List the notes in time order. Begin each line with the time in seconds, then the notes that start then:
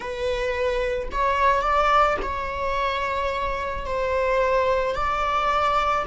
0.00 B4
1.11 C#5
1.61 D5
2.22 C#5
3.85 C5
4.95 D5